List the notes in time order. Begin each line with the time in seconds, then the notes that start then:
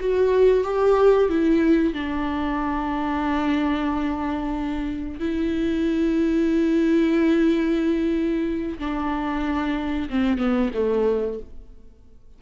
0.00 F#4
0.64 G4
1.29 E4
1.94 D4
5.20 E4
8.79 D4
10.10 C4
10.38 B3
10.74 A3